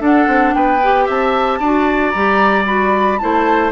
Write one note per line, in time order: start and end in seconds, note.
0.00 0.27 D4
0.00 0.80 D4
0.00 0.54 A4
0.00 0.54 F#5
0.27 0.54 C4
0.54 1.08 B3
0.54 1.06 B4
0.54 1.07 G5
0.83 1.62 G4
1.06 1.60 C4
1.06 1.59 E5
1.06 2.10 A5
1.60 2.13 D4
1.60 2.15 F#4
1.60 3.19 D5
2.10 3.21 G3
2.10 2.65 G4
2.10 2.63 A#5
2.65 3.19 F#4
2.65 3.18 B5
3.18 3.72 A3
3.18 3.72 E4
3.18 3.72 C5
3.18 3.71 A5